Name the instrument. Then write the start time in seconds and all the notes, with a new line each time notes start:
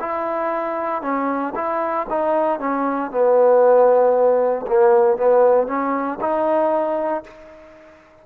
trombone
0.00 E4
1.02 C#4
1.55 E4
2.10 D#4
2.60 C#4
3.11 B3
4.67 A#3
5.17 B3
5.68 C#4
6.21 D#4